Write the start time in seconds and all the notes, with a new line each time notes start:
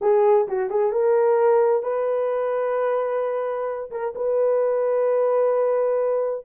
0.01 G#4
0.47 F#4
0.69 G#4
0.92 A#4
1.82 B4
3.90 A#4
4.15 B4